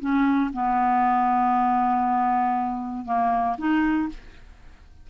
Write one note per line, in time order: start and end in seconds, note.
0.00 0.51 C#4
0.53 3.05 B3
3.05 3.56 A#3
3.58 4.09 D#4